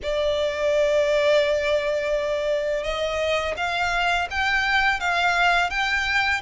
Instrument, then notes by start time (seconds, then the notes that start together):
violin
0.02 D5
2.83 D#5
3.56 F5
4.30 G5
5.00 F5
5.69 G5